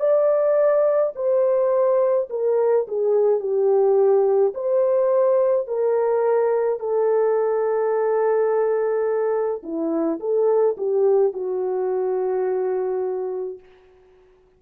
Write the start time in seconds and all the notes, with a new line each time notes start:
0.00 D5
1.16 C5
2.31 A#4
2.88 G#4
3.41 G4
4.55 C5
5.68 A#4
6.80 A4
9.63 E4
10.20 A4
10.78 G4
11.34 F#4